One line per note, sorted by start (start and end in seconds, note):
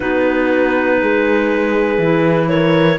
0.00 1.01 B3
0.00 2.00 D#4
0.00 0.99 F#4
0.00 2.48 B4
1.01 1.98 G#3
1.01 2.49 G#4
1.98 2.98 E3
1.98 2.98 E4
2.48 2.98 A#4
2.48 2.98 C#5